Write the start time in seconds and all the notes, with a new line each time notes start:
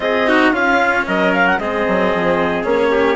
0.00 C4 F4 G#4 D#5
0.26 D#4 F#4
0.51 C#4 F4 F5
1.07 F#3 A#4 D#5
1.33 F5
1.46 F#5
1.58 G#3 C4 G#4 D#5
1.87 F#3
2.14 F3
2.63 A#3 C#4 C#5
2.91 G4